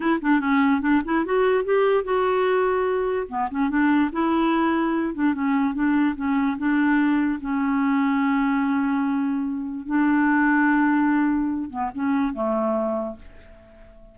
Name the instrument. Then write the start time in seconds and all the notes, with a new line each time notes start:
clarinet
0.00 E4
0.21 D4
0.40 C#4
0.81 D4
1.04 E4
1.25 F#4
1.64 G4
2.04 F#4
3.28 B3
3.50 C#4
3.69 D4
4.12 E4
5.14 D4
5.34 C#4
5.74 D4
6.16 C#4
6.58 D4
7.40 C#4
9.86 D4
11.70 B3
11.94 C#4
12.33 A3